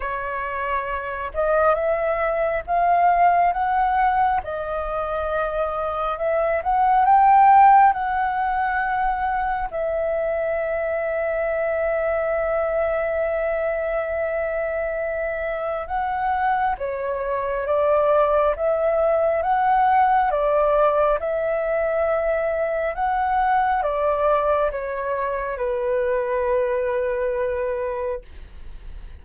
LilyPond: \new Staff \with { instrumentName = "flute" } { \time 4/4 \tempo 4 = 68 cis''4. dis''8 e''4 f''4 | fis''4 dis''2 e''8 fis''8 | g''4 fis''2 e''4~ | e''1~ |
e''2 fis''4 cis''4 | d''4 e''4 fis''4 d''4 | e''2 fis''4 d''4 | cis''4 b'2. | }